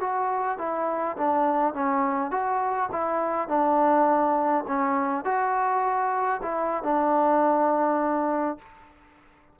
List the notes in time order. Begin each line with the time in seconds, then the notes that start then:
0.00 F#4
0.58 E4
1.17 D4
1.73 C#4
2.31 F#4
2.91 E4
3.48 D4
4.67 C#4
5.24 F#4
6.42 E4
6.83 D4